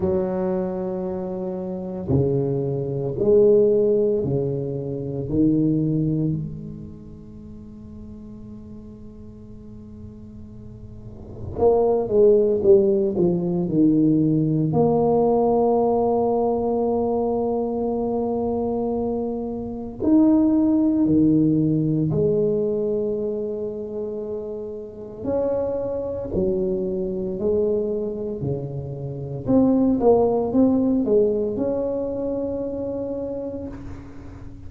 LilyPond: \new Staff \with { instrumentName = "tuba" } { \time 4/4 \tempo 4 = 57 fis2 cis4 gis4 | cis4 dis4 gis2~ | gis2. ais8 gis8 | g8 f8 dis4 ais2~ |
ais2. dis'4 | dis4 gis2. | cis'4 fis4 gis4 cis4 | c'8 ais8 c'8 gis8 cis'2 | }